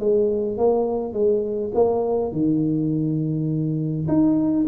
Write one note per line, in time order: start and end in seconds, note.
0.00 0.58 G#3
0.58 1.14 A#3
1.14 1.72 G#3
1.75 2.32 A#3
2.32 4.07 D#3
4.08 4.67 D#4